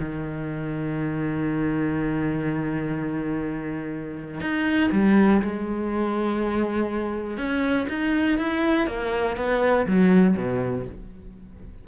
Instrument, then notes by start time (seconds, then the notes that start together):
cello
0.00 D#3
4.41 D#4
4.92 G3
5.42 G#3
7.38 C#4
7.89 D#4
8.39 E4
8.88 A#3
9.37 B3
9.87 F#3
10.37 B2